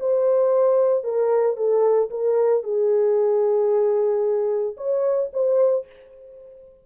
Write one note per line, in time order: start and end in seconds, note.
0.00 1.04 C5
1.04 1.57 A#4
1.57 2.10 A4
2.10 2.63 A#4
2.64 4.76 G#4
4.77 5.30 C#5
5.33 5.86 C5